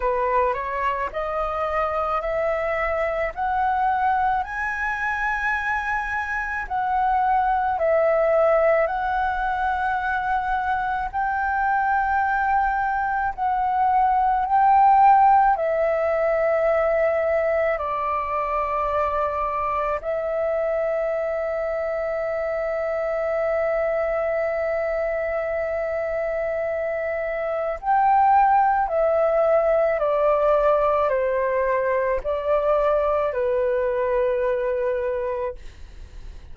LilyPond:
\new Staff \with { instrumentName = "flute" } { \time 4/4 \tempo 4 = 54 b'8 cis''8 dis''4 e''4 fis''4 | gis''2 fis''4 e''4 | fis''2 g''2 | fis''4 g''4 e''2 |
d''2 e''2~ | e''1~ | e''4 g''4 e''4 d''4 | c''4 d''4 b'2 | }